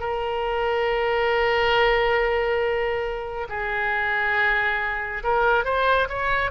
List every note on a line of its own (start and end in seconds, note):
0.00 3.48 A#4
3.49 5.23 G#4
5.23 5.65 A#4
5.65 6.08 C5
6.09 6.51 C#5